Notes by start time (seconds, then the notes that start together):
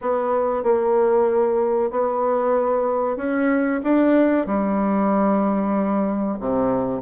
0.01 B3
0.63 A#3
1.90 B3
3.17 C#4
3.83 D4
4.46 G3
6.39 C3